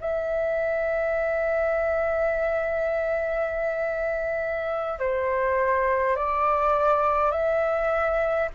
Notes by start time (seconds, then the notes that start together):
0.00 E5
4.99 C5
6.16 D5
7.31 E5